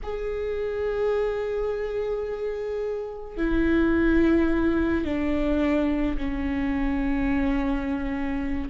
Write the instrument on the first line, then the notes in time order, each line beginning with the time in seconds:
viola
0.03 G#4
3.37 E4
5.04 D4
6.17 C#4